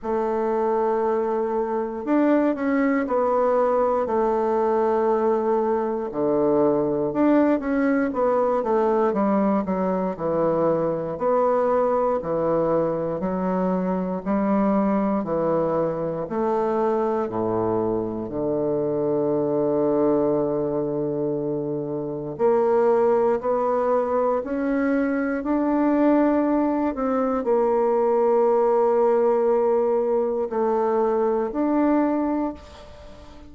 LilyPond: \new Staff \with { instrumentName = "bassoon" } { \time 4/4 \tempo 4 = 59 a2 d'8 cis'8 b4 | a2 d4 d'8 cis'8 | b8 a8 g8 fis8 e4 b4 | e4 fis4 g4 e4 |
a4 a,4 d2~ | d2 ais4 b4 | cis'4 d'4. c'8 ais4~ | ais2 a4 d'4 | }